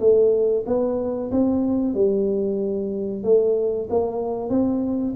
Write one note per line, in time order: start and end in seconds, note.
0.00 0.65 A3
0.66 1.31 B3
1.32 1.94 C4
1.94 3.23 G3
3.24 3.88 A3
3.90 4.50 A#3
4.50 5.14 C4